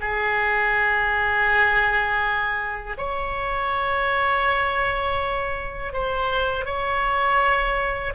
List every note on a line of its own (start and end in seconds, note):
0.00 2.96 G#4
2.98 5.93 C#5
5.93 6.65 C5
6.65 8.13 C#5